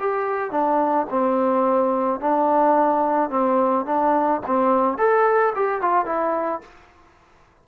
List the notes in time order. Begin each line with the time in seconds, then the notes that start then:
0.00 G4
0.52 D4
1.10 C4
2.21 D4
3.31 C4
3.86 D4
4.47 C4
4.98 A4
5.56 G4
5.82 F4
6.06 E4